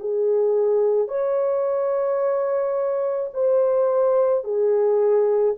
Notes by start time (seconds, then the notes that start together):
0.00 G#4
1.08 C#5
3.34 C5
4.44 G#4